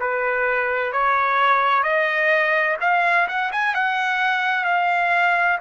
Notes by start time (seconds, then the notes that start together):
0.00 B4
0.92 C#5
1.83 D#5
2.81 F5
3.28 F#5
3.52 G#5
3.75 F#5
4.64 F5